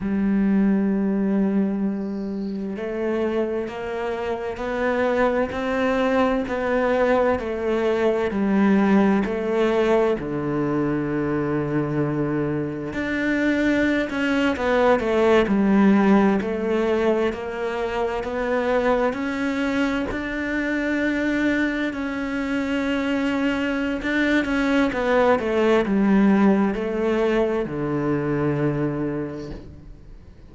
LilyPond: \new Staff \with { instrumentName = "cello" } { \time 4/4 \tempo 4 = 65 g2. a4 | ais4 b4 c'4 b4 | a4 g4 a4 d4~ | d2 d'4~ d'16 cis'8 b16~ |
b16 a8 g4 a4 ais4 b16~ | b8. cis'4 d'2 cis'16~ | cis'2 d'8 cis'8 b8 a8 | g4 a4 d2 | }